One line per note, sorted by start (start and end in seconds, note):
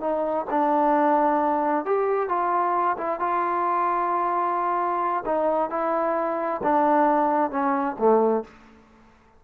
0.00 0.45 D#4
0.50 1.85 D4
1.85 2.28 G4
2.28 2.96 F4
2.97 3.19 E4
3.19 5.24 F4
5.25 5.70 D#4
5.70 6.61 E4
6.63 7.50 D4
7.50 7.96 C#4
7.98 8.44 A3